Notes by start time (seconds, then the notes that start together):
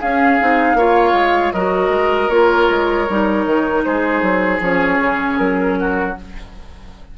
0.00 C#4 G#4 F5
0.40 C4 D#4
0.74 A#3 F4 C#5
1.13 G#3
1.52 F#3 F#4 A#4 D#5
1.89 G#3
2.29 A#3 F4 C#5
2.70 G#3
3.09 G3 D#4
3.45 D#3
3.84 G#3 G#4 C5
4.22 F#3
4.60 F3 C#4 C#5
5.00 C#3
5.37 F#3 A#4
5.79 F#4